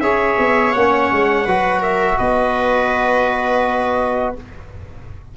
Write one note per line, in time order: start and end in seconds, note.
0.00 0.36 C#4
0.00 0.75 G#4
0.00 1.45 C#5
0.00 0.73 E5
0.39 0.75 B3
0.73 1.12 A#3
0.73 1.48 C#4
0.73 1.81 F#5
1.12 1.46 G#3
1.45 2.18 F#3
1.45 4.37 F#4
1.45 1.81 B4
1.81 2.17 A#4
1.81 2.19 E5
2.18 4.37 B3
2.18 4.35 B4
2.18 4.36 D#5